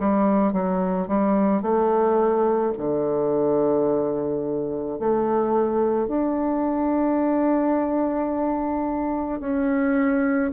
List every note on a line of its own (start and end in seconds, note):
0.00 0.54 G3
0.54 1.08 F#3
1.08 1.62 G3
1.62 2.73 A3
2.78 4.99 D3
4.99 6.08 A3
6.08 9.40 D4
9.40 10.52 C#4